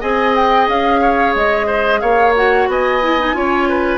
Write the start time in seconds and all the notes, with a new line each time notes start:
0.00 C4 G#4 D#5 G#5
0.35 G5
0.68 C#4 F5
1.01 C#5
1.35 G#3 D#5
1.67 C5
2.00 A#3 C#5 F5
2.36 F#4 F#5
2.67 B3 D#5 G#5
3.02 E4
3.19 D#4
3.34 C#4 F4 C#5
3.69 B4